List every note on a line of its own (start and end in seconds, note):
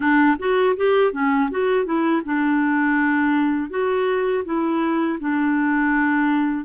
0.00 0.36 D4
0.39 0.76 F#4
0.76 1.12 G4
1.12 1.49 C#4
1.50 1.85 F#4
1.85 2.22 E4
2.25 3.70 D4
3.70 4.44 F#4
4.44 5.19 E4
5.20 6.64 D4